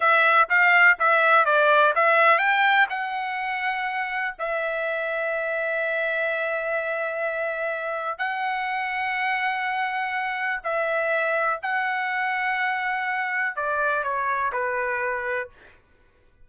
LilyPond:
\new Staff \with { instrumentName = "trumpet" } { \time 4/4 \tempo 4 = 124 e''4 f''4 e''4 d''4 | e''4 g''4 fis''2~ | fis''4 e''2.~ | e''1~ |
e''4 fis''2.~ | fis''2 e''2 | fis''1 | d''4 cis''4 b'2 | }